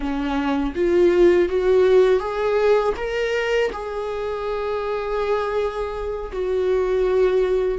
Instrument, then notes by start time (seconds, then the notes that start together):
viola
0.00 C#4
0.75 F4
1.48 F#4
2.19 G#4
2.96 A#4
3.72 G#4
6.32 F#4